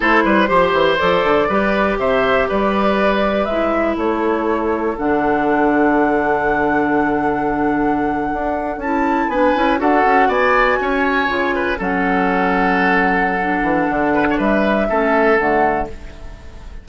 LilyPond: <<
  \new Staff \with { instrumentName = "flute" } { \time 4/4 \tempo 4 = 121 c''2 d''2 | e''4 d''2 e''4 | cis''2 fis''2~ | fis''1~ |
fis''4.~ fis''16 a''4 gis''4 fis''16~ | fis''8. gis''2. fis''16~ | fis''1~ | fis''4 e''2 fis''4 | }
  \new Staff \with { instrumentName = "oboe" } { \time 4/4 a'8 b'8 c''2 b'4 | c''4 b'2. | a'1~ | a'1~ |
a'2~ a'8. b'4 a'16~ | a'8. d''4 cis''4. b'8 a'16~ | a'1~ | a'8 b'16 cis''16 b'4 a'2 | }
  \new Staff \with { instrumentName = "clarinet" } { \time 4/4 e'4 g'4 a'4 g'4~ | g'2. e'4~ | e'2 d'2~ | d'1~ |
d'4.~ d'16 e'4 d'8 e'8 fis'16~ | fis'2~ fis'8. f'4 cis'16~ | cis'2. d'4~ | d'2 cis'4 a4 | }
  \new Staff \with { instrumentName = "bassoon" } { \time 4/4 a8 g8 f8 e8 f8 d8 g4 | c4 g2 gis4 | a2 d2~ | d1~ |
d8. d'4 cis'4 b8 cis'8 d'16~ | d'16 cis'8 b4 cis'4 cis4 fis16~ | fis2.~ fis8 e8 | d4 g4 a4 d4 | }
>>